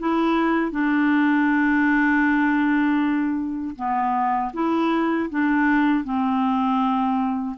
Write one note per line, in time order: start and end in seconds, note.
0.00 0.72 E4
0.72 3.76 D4
3.76 4.52 B3
4.54 5.30 E4
5.31 6.05 D4
6.05 7.57 C4